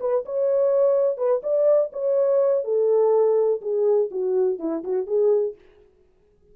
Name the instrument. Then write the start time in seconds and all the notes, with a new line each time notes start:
horn
0.00 B4
0.25 C#5
1.17 B4
1.43 D5
1.92 C#5
2.64 A4
3.61 G#4
4.11 F#4
4.59 E4
4.83 F#4
5.06 G#4